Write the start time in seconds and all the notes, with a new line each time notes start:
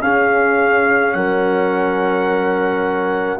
0.00 C#4 G#4 F5
1.13 F#3 A#4 F#5